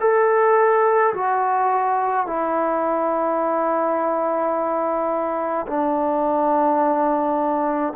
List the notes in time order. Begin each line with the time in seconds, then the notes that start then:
0.00 A4
1.13 F#4
2.26 E4
5.67 D4